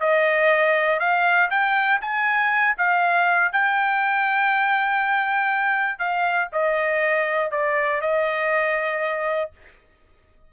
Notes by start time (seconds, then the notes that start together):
0.00 D#5
1.00 F5
1.50 G5
2.01 G#5
2.77 F5
3.52 G5
5.99 F5
6.53 D#5
7.51 D5
8.01 D#5